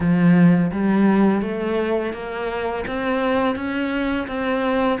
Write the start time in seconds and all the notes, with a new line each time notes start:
0.00 F3
0.71 G3
1.41 A3
2.13 A#3
2.87 C4
3.55 C#4
4.27 C4